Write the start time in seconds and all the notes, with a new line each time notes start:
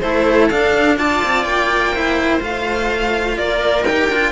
0.00 A3 E4 A4 C5
0.49 D4 F5
0.97 F4 D5 A5
1.24 C4
1.44 A#3 G5
1.93 E4 C5
2.40 A3 F4 F5
3.37 A#3 A#4 D5
3.84 D#4 G4 G5
4.10 D4 F4